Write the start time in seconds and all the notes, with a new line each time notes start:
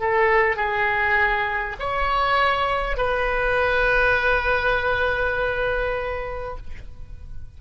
0.00 A4
0.56 G#4
1.79 C#5
2.97 B4